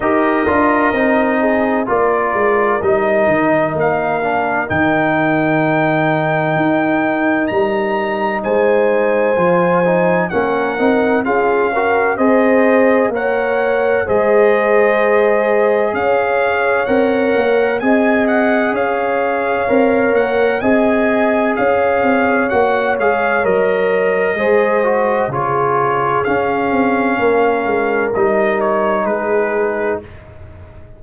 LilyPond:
<<
  \new Staff \with { instrumentName = "trumpet" } { \time 4/4 \tempo 4 = 64 dis''2 d''4 dis''4 | f''4 g''2. | ais''4 gis''2 fis''4 | f''4 dis''4 fis''4 dis''4~ |
dis''4 f''4 fis''4 gis''8 fis''8 | f''4. fis''8 gis''4 f''4 | fis''8 f''8 dis''2 cis''4 | f''2 dis''8 cis''8 b'4 | }
  \new Staff \with { instrumentName = "horn" } { \time 4/4 ais'4. gis'8 ais'2~ | ais'1~ | ais'4 c''2 ais'4 | gis'8 ais'8 c''4 cis''4 c''4~ |
c''4 cis''2 dis''4 | cis''2 dis''4 cis''4~ | cis''2 c''4 gis'4~ | gis'4 ais'2 gis'4 | }
  \new Staff \with { instrumentName = "trombone" } { \time 4/4 g'8 f'8 dis'4 f'4 dis'4~ | dis'8 d'8 dis'2.~ | dis'2 f'8 dis'8 cis'8 dis'8 | f'8 fis'8 gis'4 ais'4 gis'4~ |
gis'2 ais'4 gis'4~ | gis'4 ais'4 gis'2 | fis'8 gis'8 ais'4 gis'8 fis'8 f'4 | cis'2 dis'2 | }
  \new Staff \with { instrumentName = "tuba" } { \time 4/4 dis'8 d'8 c'4 ais8 gis8 g8 dis8 | ais4 dis2 dis'4 | g4 gis4 f4 ais8 c'8 | cis'4 c'4 ais4 gis4~ |
gis4 cis'4 c'8 ais8 c'4 | cis'4 c'8 ais8 c'4 cis'8 c'8 | ais8 gis8 fis4 gis4 cis4 | cis'8 c'8 ais8 gis8 g4 gis4 | }
>>